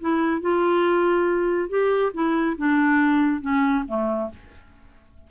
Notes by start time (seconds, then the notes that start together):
0.00 E4
0.41 F4
1.69 G4
2.13 E4
2.57 D4
3.41 C#4
3.87 A3